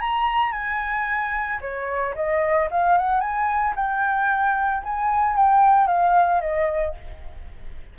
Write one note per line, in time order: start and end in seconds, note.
0.00 0.52 A#5
0.52 1.59 G#5
1.61 2.14 C#5
2.15 2.69 D#5
2.71 2.97 F5
2.97 3.20 F#5
3.20 3.74 G#5
3.75 4.82 G5
4.83 5.36 G#5
5.36 5.87 G5
5.87 6.40 F5
6.41 6.94 D#5